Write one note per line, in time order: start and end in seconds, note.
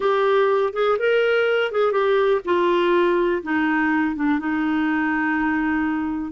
0.00 0.73 G4
0.73 0.97 G#4
0.98 1.71 A#4
1.71 1.92 G#4
1.92 2.41 G4
2.44 3.42 F4
3.42 4.15 D#4
4.15 4.39 D4
4.39 6.31 D#4